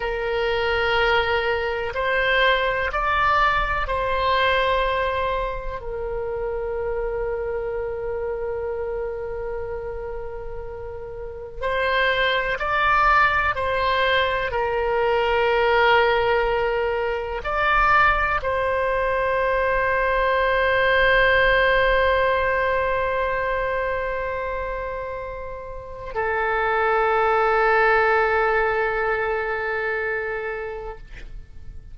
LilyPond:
\new Staff \with { instrumentName = "oboe" } { \time 4/4 \tempo 4 = 62 ais'2 c''4 d''4 | c''2 ais'2~ | ais'1 | c''4 d''4 c''4 ais'4~ |
ais'2 d''4 c''4~ | c''1~ | c''2. a'4~ | a'1 | }